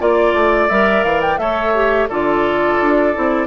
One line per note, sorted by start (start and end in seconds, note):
0.00 0.34 A#3
0.00 0.70 F4
0.00 1.40 D5
0.00 0.69 D5
0.34 0.69 A3
0.69 1.04 G3
0.69 1.38 A#4
0.69 1.04 E5
1.04 1.38 E3
1.04 1.21 F5
1.21 1.38 G5
1.38 2.08 A3
1.38 1.73 A4
1.38 2.09 C#5
1.38 2.08 E5
1.75 2.09 G4
2.09 2.80 D3
2.09 3.14 F4
2.09 3.47 A4
2.09 3.47 D5
2.81 3.16 D4
3.14 3.47 C4
3.14 3.47 E4